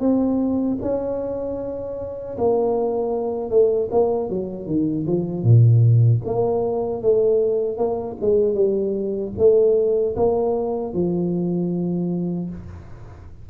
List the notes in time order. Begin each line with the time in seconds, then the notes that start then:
0.00 C4
0.81 C#4
2.38 A#3
3.50 A3
3.91 A#3
4.30 F#3
4.66 D#3
5.06 F3
5.43 A#2
6.25 A#3
7.02 A3
7.77 A#3
8.21 G#3
8.54 G3
9.38 A3
10.16 A#3
10.94 F3